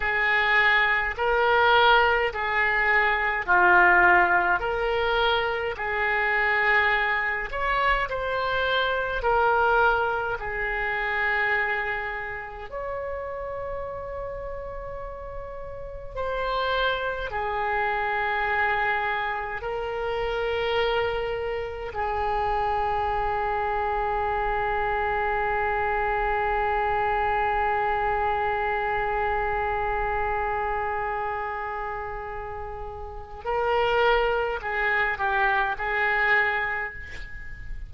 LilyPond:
\new Staff \with { instrumentName = "oboe" } { \time 4/4 \tempo 4 = 52 gis'4 ais'4 gis'4 f'4 | ais'4 gis'4. cis''8 c''4 | ais'4 gis'2 cis''4~ | cis''2 c''4 gis'4~ |
gis'4 ais'2 gis'4~ | gis'1~ | gis'1~ | gis'4 ais'4 gis'8 g'8 gis'4 | }